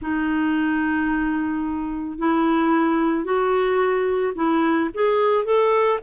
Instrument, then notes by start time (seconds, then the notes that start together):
clarinet
0.01 D#4
2.18 E4
3.24 F#4
4.35 E4
4.93 G#4
5.44 A4